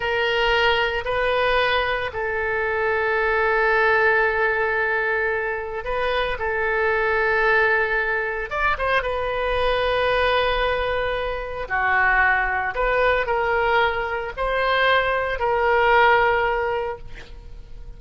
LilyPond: \new Staff \with { instrumentName = "oboe" } { \time 4/4 \tempo 4 = 113 ais'2 b'2 | a'1~ | a'2. b'4 | a'1 |
d''8 c''8 b'2.~ | b'2 fis'2 | b'4 ais'2 c''4~ | c''4 ais'2. | }